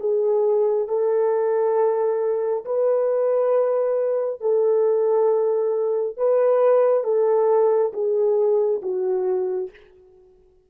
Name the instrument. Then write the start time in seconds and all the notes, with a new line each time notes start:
horn
0.00 G#4
0.88 A4
2.65 B4
4.40 A4
6.17 B4
7.04 A4
7.93 G#4
8.82 F#4